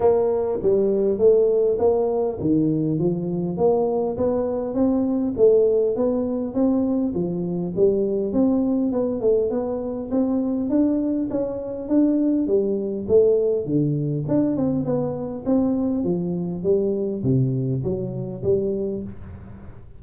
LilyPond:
\new Staff \with { instrumentName = "tuba" } { \time 4/4 \tempo 4 = 101 ais4 g4 a4 ais4 | dis4 f4 ais4 b4 | c'4 a4 b4 c'4 | f4 g4 c'4 b8 a8 |
b4 c'4 d'4 cis'4 | d'4 g4 a4 d4 | d'8 c'8 b4 c'4 f4 | g4 c4 fis4 g4 | }